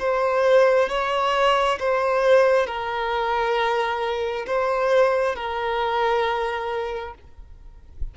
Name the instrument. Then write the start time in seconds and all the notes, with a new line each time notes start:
violin
0.00 C5
0.90 C#5
1.80 C5
2.67 A#4
4.47 C5
5.36 A#4